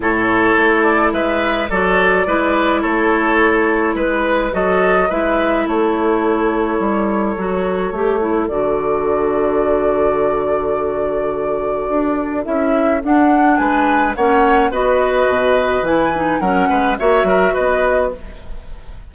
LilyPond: <<
  \new Staff \with { instrumentName = "flute" } { \time 4/4 \tempo 4 = 106 cis''4. d''8 e''4 d''4~ | d''4 cis''2 b'4 | dis''4 e''4 cis''2~ | cis''2. d''4~ |
d''1~ | d''2 e''4 fis''4 | gis''4 fis''4 dis''2 | gis''4 fis''4 e''4 dis''4 | }
  \new Staff \with { instrumentName = "oboe" } { \time 4/4 a'2 b'4 a'4 | b'4 a'2 b'4 | a'4 b'4 a'2~ | a'1~ |
a'1~ | a'1 | b'4 cis''4 b'2~ | b'4 ais'8 b'8 cis''8 ais'8 b'4 | }
  \new Staff \with { instrumentName = "clarinet" } { \time 4/4 e'2. fis'4 | e'1 | fis'4 e'2.~ | e'4 fis'4 g'8 e'8 fis'4~ |
fis'1~ | fis'2 e'4 d'4~ | d'4 cis'4 fis'2 | e'8 dis'8 cis'4 fis'2 | }
  \new Staff \with { instrumentName = "bassoon" } { \time 4/4 a,4 a4 gis4 fis4 | gis4 a2 gis4 | fis4 gis4 a2 | g4 fis4 a4 d4~ |
d1~ | d4 d'4 cis'4 d'4 | gis4 ais4 b4 b,4 | e4 fis8 gis8 ais8 fis8 b4 | }
>>